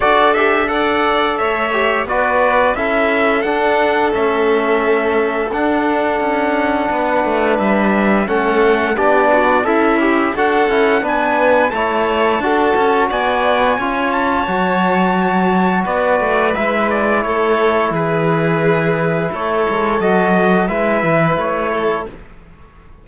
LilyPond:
<<
  \new Staff \with { instrumentName = "trumpet" } { \time 4/4 \tempo 4 = 87 d''8 e''8 fis''4 e''4 d''4 | e''4 fis''4 e''2 | fis''2. e''4 | fis''4 d''4 e''4 fis''4 |
gis''4 a''2 gis''4~ | gis''8 a''2~ a''8 d''4 | e''8 d''8 cis''4 b'2 | cis''4 dis''4 e''4 cis''4 | }
  \new Staff \with { instrumentName = "violin" } { \time 4/4 a'4 d''4 cis''4 b'4 | a'1~ | a'2 b'2 | a'4 g'8 fis'8 e'4 a'4 |
b'4 cis''4 a'4 d''4 | cis''2. b'4~ | b'4 a'4 gis'2 | a'2 b'4. a'8 | }
  \new Staff \with { instrumentName = "trombone" } { \time 4/4 fis'8 g'8 a'4. g'8 fis'4 | e'4 d'4 cis'2 | d'1 | cis'4 d'4 a'8 g'8 fis'8 e'8 |
d'4 e'4 fis'2 | f'4 fis'2. | e'1~ | e'4 fis'4 e'2 | }
  \new Staff \with { instrumentName = "cello" } { \time 4/4 d'2 a4 b4 | cis'4 d'4 a2 | d'4 cis'4 b8 a8 g4 | a4 b4 cis'4 d'8 cis'8 |
b4 a4 d'8 cis'8 b4 | cis'4 fis2 b8 a8 | gis4 a4 e2 | a8 gis8 fis4 gis8 e8 a4 | }
>>